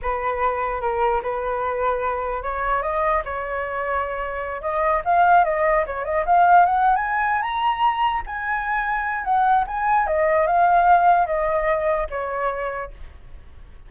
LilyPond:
\new Staff \with { instrumentName = "flute" } { \time 4/4 \tempo 4 = 149 b'2 ais'4 b'4~ | b'2 cis''4 dis''4 | cis''2.~ cis''8 dis''8~ | dis''8 f''4 dis''4 cis''8 dis''8 f''8~ |
f''8 fis''8. gis''4~ gis''16 ais''4.~ | ais''8 gis''2~ gis''8 fis''4 | gis''4 dis''4 f''2 | dis''2 cis''2 | }